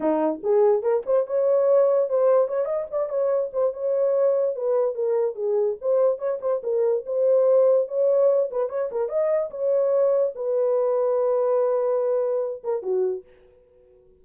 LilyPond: \new Staff \with { instrumentName = "horn" } { \time 4/4 \tempo 4 = 145 dis'4 gis'4 ais'8 c''8 cis''4~ | cis''4 c''4 cis''8 dis''8 d''8 cis''8~ | cis''8 c''8 cis''2 b'4 | ais'4 gis'4 c''4 cis''8 c''8 |
ais'4 c''2 cis''4~ | cis''8 b'8 cis''8 ais'8 dis''4 cis''4~ | cis''4 b'2.~ | b'2~ b'8 ais'8 fis'4 | }